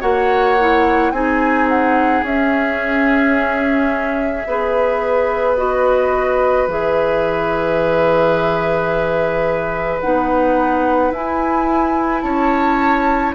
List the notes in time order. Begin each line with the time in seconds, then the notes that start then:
0.00 A#3 F#4 C#5 F#5
0.59 E4
1.11 C4 D#4 G#4 G#5
1.68 F#5
2.22 C#4 E5
4.47 B3 G#4 B4
5.56 F#4 D#5
6.67 E3 G#4 E5
10.00 B3 D#4 F#5
11.10 E4 G#5
12.21 C#4 C#5 A5